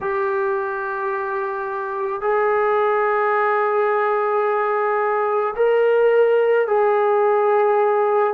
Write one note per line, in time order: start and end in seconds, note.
0.01 2.21 G4
2.21 5.54 G#4
5.56 6.67 A#4
6.67 8.33 G#4